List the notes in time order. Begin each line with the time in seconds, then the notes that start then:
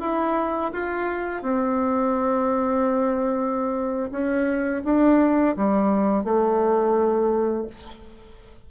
0.00 E4
0.72 F4
1.42 C4
4.11 C#4
4.84 D4
5.56 G3
6.24 A3